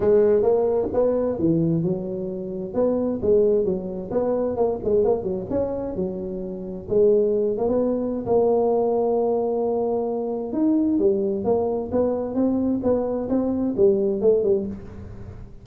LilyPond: \new Staff \with { instrumentName = "tuba" } { \time 4/4 \tempo 4 = 131 gis4 ais4 b4 e4 | fis2 b4 gis4 | fis4 b4 ais8 gis8 ais8 fis8 | cis'4 fis2 gis4~ |
gis8 ais16 b4~ b16 ais2~ | ais2. dis'4 | g4 ais4 b4 c'4 | b4 c'4 g4 a8 g8 | }